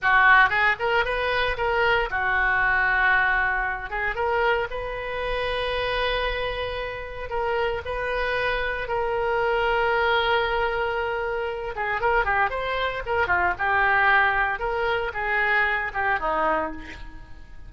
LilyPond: \new Staff \with { instrumentName = "oboe" } { \time 4/4 \tempo 4 = 115 fis'4 gis'8 ais'8 b'4 ais'4 | fis'2.~ fis'8 gis'8 | ais'4 b'2.~ | b'2 ais'4 b'4~ |
b'4 ais'2.~ | ais'2~ ais'8 gis'8 ais'8 g'8 | c''4 ais'8 f'8 g'2 | ais'4 gis'4. g'8 dis'4 | }